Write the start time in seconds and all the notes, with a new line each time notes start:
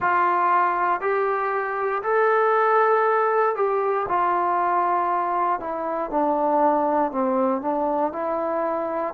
0.00 F4
1.00 G4
2.02 A4
3.55 G4
4.08 F4
5.60 E4
6.10 D4
7.11 C4
7.61 D4
8.12 E4